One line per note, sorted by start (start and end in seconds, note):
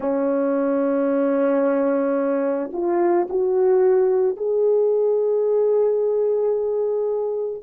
0.00 2.70 C#4
2.73 3.27 F4
3.29 4.36 F#4
4.36 7.62 G#4